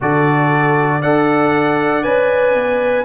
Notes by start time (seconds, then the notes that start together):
0.00 D3 F#4 A4 D5
1.00 D4 A4 D5 F#5
2.03 C#4 B4 G#5
2.54 B3